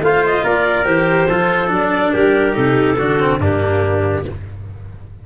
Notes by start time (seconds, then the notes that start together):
0.00 A3 F4 C5 F5
0.25 D#5
0.43 A#3 A#4 D5
0.85 E3 G4 C5
1.28 F3 F4 A4
1.67 F#3 D4 D5
2.12 G3 G4 A#4
2.52 C3 D#4 A4
2.98 D3 D4 F#4
3.19 C4
3.39 G2 A#3 D4 G4